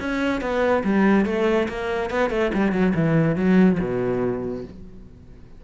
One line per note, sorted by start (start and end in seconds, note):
0.00 0.41 C#4
0.41 0.84 B3
0.84 1.26 G3
1.26 1.68 A3
1.69 2.10 A#3
2.10 2.31 B3
2.31 2.52 A3
2.54 2.72 G3
2.72 2.93 F#3
2.95 3.36 E3
3.36 3.78 F#3
3.80 4.65 B2